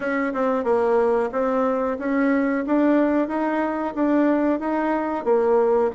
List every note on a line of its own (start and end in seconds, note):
0.00 0.33 C#4
0.33 0.64 C4
0.64 1.30 A#3
1.32 1.98 C4
1.98 2.64 C#4
2.66 3.28 D4
3.28 3.94 D#4
3.94 4.59 D4
4.59 5.24 D#4
5.24 5.90 A#3